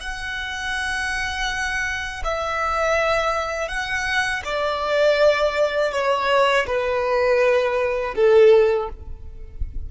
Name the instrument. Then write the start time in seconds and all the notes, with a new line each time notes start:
violin
0.00 F#5
2.24 E5
3.68 F#5
4.44 D5
5.92 C#5
6.66 B4
8.15 A4